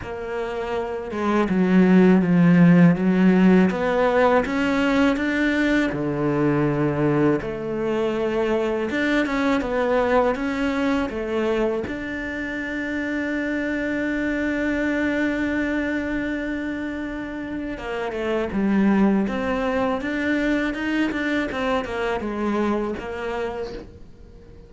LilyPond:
\new Staff \with { instrumentName = "cello" } { \time 4/4 \tempo 4 = 81 ais4. gis8 fis4 f4 | fis4 b4 cis'4 d'4 | d2 a2 | d'8 cis'8 b4 cis'4 a4 |
d'1~ | d'1 | ais8 a8 g4 c'4 d'4 | dis'8 d'8 c'8 ais8 gis4 ais4 | }